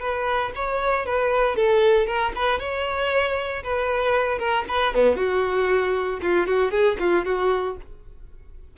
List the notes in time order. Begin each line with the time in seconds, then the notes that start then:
0.00 B4
0.55 C#5
1.06 B4
1.56 A4
2.06 A#4
2.35 B4
2.59 C#5
3.63 B4
4.39 A#4
4.68 B4
4.94 B3
5.16 F#4
6.22 F4
6.47 F#4
6.71 G#4
6.99 F4
7.25 F#4